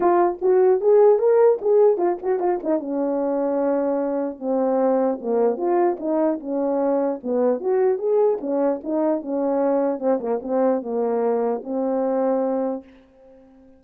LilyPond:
\new Staff \with { instrumentName = "horn" } { \time 4/4 \tempo 4 = 150 f'4 fis'4 gis'4 ais'4 | gis'4 f'8 fis'8 f'8 dis'8 cis'4~ | cis'2. c'4~ | c'4 ais4 f'4 dis'4 |
cis'2 b4 fis'4 | gis'4 cis'4 dis'4 cis'4~ | cis'4 c'8 ais8 c'4 ais4~ | ais4 c'2. | }